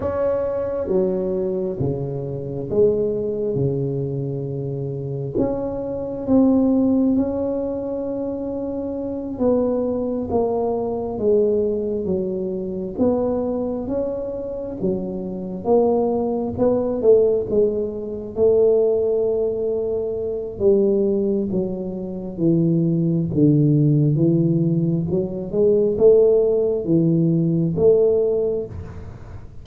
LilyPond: \new Staff \with { instrumentName = "tuba" } { \time 4/4 \tempo 4 = 67 cis'4 fis4 cis4 gis4 | cis2 cis'4 c'4 | cis'2~ cis'8 b4 ais8~ | ais8 gis4 fis4 b4 cis'8~ |
cis'8 fis4 ais4 b8 a8 gis8~ | gis8 a2~ a8 g4 | fis4 e4 d4 e4 | fis8 gis8 a4 e4 a4 | }